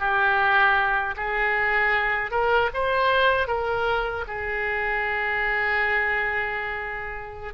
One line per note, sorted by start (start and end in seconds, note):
0.00 1.15 G4
1.17 2.32 G#4
2.32 2.70 A#4
2.74 3.48 C5
3.48 4.25 A#4
4.28 7.54 G#4